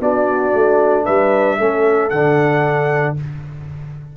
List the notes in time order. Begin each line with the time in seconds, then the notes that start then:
0.00 B3 D4 F#4 D5
0.54 A3
1.05 G3 B4 E5
1.58 A3 C#4 A4
2.09 D3 D4 F#5